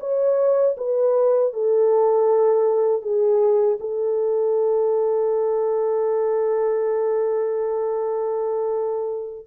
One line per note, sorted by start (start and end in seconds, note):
0.00 0.76 C#5
0.77 1.53 B4
1.53 3.02 A4
3.02 3.78 G#4
3.80 9.47 A4